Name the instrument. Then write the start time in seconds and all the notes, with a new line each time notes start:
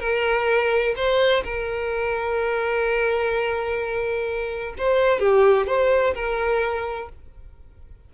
violin
0.00 A#4
0.96 C5
1.44 A#4
4.78 C5
5.20 G4
5.67 C5
6.15 A#4